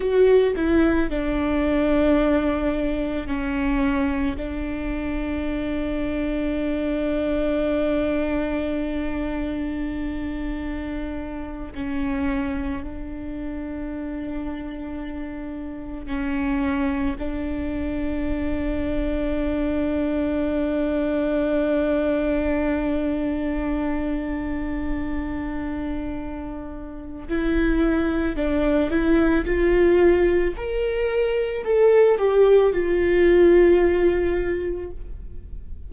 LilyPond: \new Staff \with { instrumentName = "viola" } { \time 4/4 \tempo 4 = 55 fis'8 e'8 d'2 cis'4 | d'1~ | d'2~ d'8. cis'4 d'16~ | d'2~ d'8. cis'4 d'16~ |
d'1~ | d'1~ | d'4 e'4 d'8 e'8 f'4 | ais'4 a'8 g'8 f'2 | }